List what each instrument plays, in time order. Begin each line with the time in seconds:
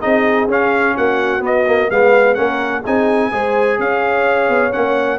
0.00 tuba C4, trombone D#4, horn G#4, trumpet D#5
0.47 tuba C#4, trombone C#4, trumpet F5
0.96 tuba A#3, horn F#4, trumpet F#5
1.40 trombone B3, tuba B3, trumpet D#5
1.66 trombone A#3
1.90 tuba G#3, trombone B3, horn B4, trumpet F5
2.34 tuba A#3, trombone C#4, horn A#4, trumpet F#5
2.82 tuba C4, trombone D#4, horn G#4, trumpet G#5
3.31 tuba G#3, trombone G#4, horn C5
3.78 tuba C#4, horn C#5, trumpet F5
4.49 tuba B3
4.71 tuba A#3, trombone C#4, trumpet F#5